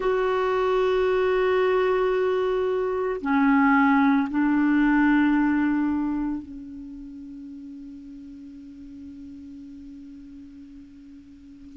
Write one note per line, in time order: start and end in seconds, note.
0.00 3.20 F#4
3.21 4.28 C#4
4.30 6.42 D4
6.42 11.76 C#4